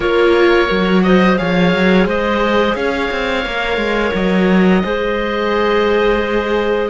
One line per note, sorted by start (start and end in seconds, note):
0.00 0.69 A#3
0.00 0.67 F4
0.00 1.03 A#4
0.00 1.03 C#5
0.67 1.39 F#3
0.67 1.36 F#4
1.03 1.39 C5
1.03 1.37 D#5
1.37 1.74 F3
1.37 3.44 G#4
1.37 2.07 C#5
1.37 2.06 F5
1.74 2.05 F#3
2.05 2.74 G#3
2.05 2.75 C5
2.05 2.75 D#5
2.75 3.09 C#4
2.75 4.82 C#5
2.75 4.13 F5
3.11 3.45 C4
3.45 3.76 A#3
3.45 4.83 A#4
3.76 4.11 G#3
4.14 4.83 F#3
4.14 6.89 D#5
4.83 6.89 G#3
4.83 6.89 G#4
4.83 6.89 C5